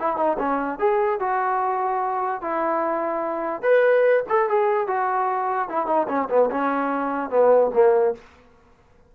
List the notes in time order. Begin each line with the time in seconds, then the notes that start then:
0.00 E4
0.17 D#4
0.39 C#4
0.79 G#4
1.20 F#4
2.42 E4
3.63 B4
4.29 A4
4.50 G#4
4.88 F#4
5.70 E4
5.87 D#4
6.09 C#4
6.30 B3
6.51 C#4
7.30 B3
7.74 A#3